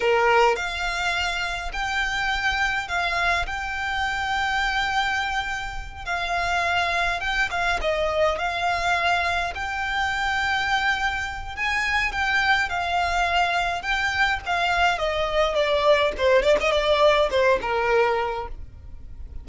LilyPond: \new Staff \with { instrumentName = "violin" } { \time 4/4 \tempo 4 = 104 ais'4 f''2 g''4~ | g''4 f''4 g''2~ | g''2~ g''8 f''4.~ | f''8 g''8 f''8 dis''4 f''4.~ |
f''8 g''2.~ g''8 | gis''4 g''4 f''2 | g''4 f''4 dis''4 d''4 | c''8 d''16 dis''16 d''4 c''8 ais'4. | }